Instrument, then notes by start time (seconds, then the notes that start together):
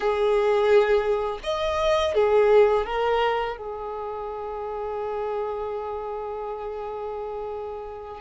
violin
0.00 G#4
1.43 D#5
2.14 G#4
2.85 A#4
3.57 G#4